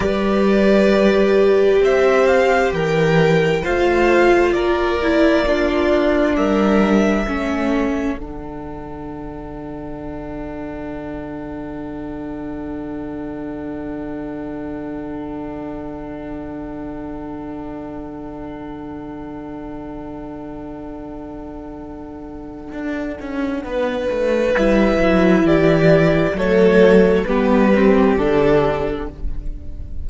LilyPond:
<<
  \new Staff \with { instrumentName = "violin" } { \time 4/4 \tempo 4 = 66 d''2 e''8 f''8 g''4 | f''4 d''2 e''4~ | e''4 fis''2.~ | fis''1~ |
fis''1~ | fis''1~ | fis''2. e''4 | d''4 cis''4 b'4 a'4 | }
  \new Staff \with { instrumentName = "violin" } { \time 4/4 b'2 c''4 ais'4 | c''4 ais'4 f'4 ais'4 | a'1~ | a'1~ |
a'1~ | a'1~ | a'2 b'2 | g'4 a'4 g'2 | }
  \new Staff \with { instrumentName = "viola" } { \time 4/4 g'1 | f'4. e'8 d'2 | cis'4 d'2.~ | d'1~ |
d'1~ | d'1~ | d'2. e'4~ | e'4 a4 b8 c'8 d'4 | }
  \new Staff \with { instrumentName = "cello" } { \time 4/4 g2 c'4 e4 | a4 ais2 g4 | a4 d2.~ | d1~ |
d1~ | d1~ | d4 d'8 cis'8 b8 a8 g8 fis8 | e4 fis4 g4 d4 | }
>>